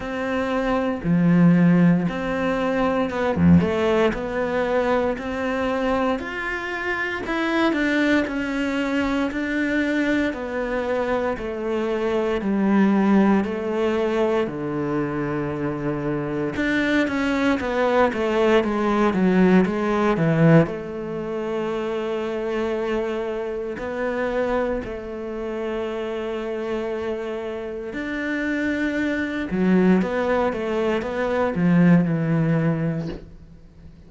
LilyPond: \new Staff \with { instrumentName = "cello" } { \time 4/4 \tempo 4 = 58 c'4 f4 c'4 b16 f,16 a8 | b4 c'4 f'4 e'8 d'8 | cis'4 d'4 b4 a4 | g4 a4 d2 |
d'8 cis'8 b8 a8 gis8 fis8 gis8 e8 | a2. b4 | a2. d'4~ | d'8 fis8 b8 a8 b8 f8 e4 | }